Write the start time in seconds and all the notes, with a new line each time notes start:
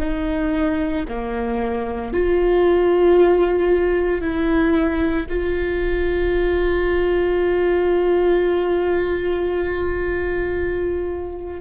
0.00 D#4
1.09 A#3
2.14 F4
4.22 E4
5.30 F4